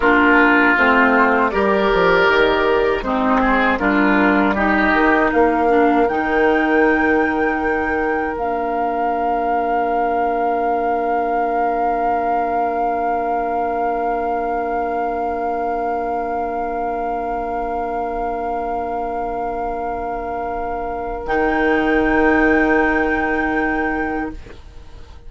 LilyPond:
<<
  \new Staff \with { instrumentName = "flute" } { \time 4/4 \tempo 4 = 79 ais'4 c''4 d''2 | c''4 ais'4 dis''4 f''4 | g''2. f''4~ | f''1~ |
f''1~ | f''1~ | f''1 | g''1 | }
  \new Staff \with { instrumentName = "oboe" } { \time 4/4 f'2 ais'2 | dis'8 gis'8 f'4 g'4 ais'4~ | ais'1~ | ais'1~ |
ais'1~ | ais'1~ | ais'1~ | ais'1 | }
  \new Staff \with { instrumentName = "clarinet" } { \time 4/4 d'4 c'4 g'2 | c'4 d'4 dis'4. d'8 | dis'2. d'4~ | d'1~ |
d'1~ | d'1~ | d'1 | dis'1 | }
  \new Staff \with { instrumentName = "bassoon" } { \time 4/4 ais4 a4 g8 f8 dis4 | gis4 g4. dis8 ais4 | dis2. ais4~ | ais1~ |
ais1~ | ais1~ | ais1 | dis1 | }
>>